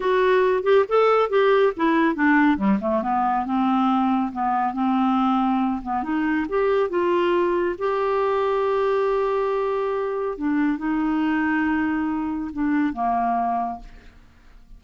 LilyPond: \new Staff \with { instrumentName = "clarinet" } { \time 4/4 \tempo 4 = 139 fis'4. g'8 a'4 g'4 | e'4 d'4 g8 a8 b4 | c'2 b4 c'4~ | c'4. b8 dis'4 g'4 |
f'2 g'2~ | g'1 | d'4 dis'2.~ | dis'4 d'4 ais2 | }